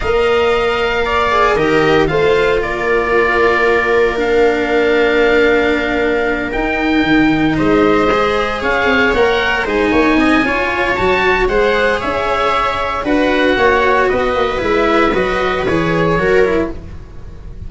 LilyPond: <<
  \new Staff \with { instrumentName = "oboe" } { \time 4/4 \tempo 4 = 115 f''2. dis''4 | f''4 d''2. | f''1~ | f''8 g''2 dis''4.~ |
dis''8 f''4 fis''4 gis''4.~ | gis''4 a''4 fis''4 e''4~ | e''4 fis''2 dis''4 | e''4 dis''4 cis''2 | }
  \new Staff \with { instrumentName = "viola" } { \time 4/4 dis''2 d''4 ais'4 | c''4 ais'2.~ | ais'1~ | ais'2~ ais'8 c''4.~ |
c''8 cis''2 c''8 cis''8 dis''8 | cis''2 c''4 cis''4~ | cis''4 b'4 cis''4 b'4~ | b'2. ais'4 | }
  \new Staff \with { instrumentName = "cello" } { \time 4/4 ais'2~ ais'8 gis'8 g'4 | f'1 | d'1~ | d'8 dis'2. gis'8~ |
gis'4. ais'4 dis'4. | f'4 fis'4 gis'2~ | gis'4 fis'2. | e'4 fis'4 gis'4 fis'8 e'8 | }
  \new Staff \with { instrumentName = "tuba" } { \time 4/4 ais2. dis4 | a4 ais2.~ | ais1~ | ais8 dis'4 dis4 gis4.~ |
gis8 cis'8 c'8 ais4 gis8 ais8 c'8 | cis'4 fis4 gis4 cis'4~ | cis'4 d'4 ais4 b8 ais8 | gis4 fis4 e4 fis4 | }
>>